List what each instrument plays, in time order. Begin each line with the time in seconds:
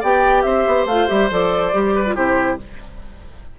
0.00 bassoon B3, clarinet G4, oboe D5, flute G5
0.43 bassoon C4, oboe C5, flute E5
0.67 bassoon B3
0.86 bassoon A3, clarinet F4, flute F5
1.08 bassoon G3, clarinet G4, flute E5
1.31 bassoon F3, clarinet A4, flute D5
1.73 bassoon G3, clarinet G4
1.95 oboe B4
2.06 clarinet F4
2.15 bassoon C3, clarinet E4, oboe G4, flute C5